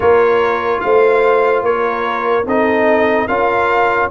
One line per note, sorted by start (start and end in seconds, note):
0.00 0.82 A#3
0.00 2.43 F4
0.00 0.81 A#4
0.00 0.80 C#5
0.80 1.61 A3
0.80 1.65 C5
0.80 1.62 F5
1.61 2.44 A#3
1.61 2.46 A#4
1.61 2.46 C#5
2.45 3.27 C4
2.45 3.28 D#4
2.45 3.26 A4
2.45 3.27 D#5
3.26 4.10 C#4
3.26 4.10 F4
3.26 4.08 A#4
3.26 4.09 F5